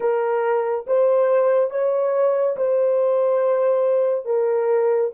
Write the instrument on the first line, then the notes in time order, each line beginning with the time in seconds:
horn
0.00 A#4
0.86 C5
1.70 C#5
2.56 C5
4.25 A#4